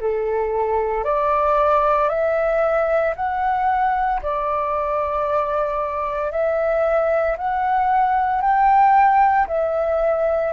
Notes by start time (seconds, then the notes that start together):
0.00 A4
1.04 D5
2.09 E5
3.15 F#5
4.22 D5
6.31 E5
7.37 F#5
8.41 G5
9.47 E5